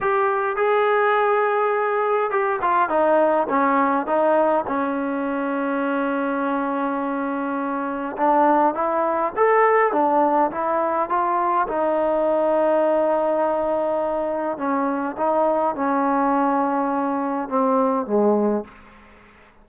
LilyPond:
\new Staff \with { instrumentName = "trombone" } { \time 4/4 \tempo 4 = 103 g'4 gis'2. | g'8 f'8 dis'4 cis'4 dis'4 | cis'1~ | cis'2 d'4 e'4 |
a'4 d'4 e'4 f'4 | dis'1~ | dis'4 cis'4 dis'4 cis'4~ | cis'2 c'4 gis4 | }